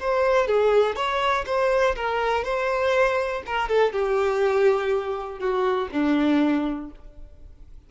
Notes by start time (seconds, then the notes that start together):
0.00 C5
0.47 G#4
0.96 C#5
1.46 C5
1.96 A#4
2.44 C5
3.46 A#4
3.68 A4
3.93 G4
5.39 F#4
5.92 D4